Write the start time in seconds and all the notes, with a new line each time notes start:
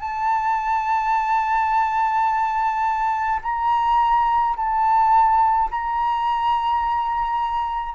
0.00 A5
3.42 A#5
4.56 A5
5.71 A#5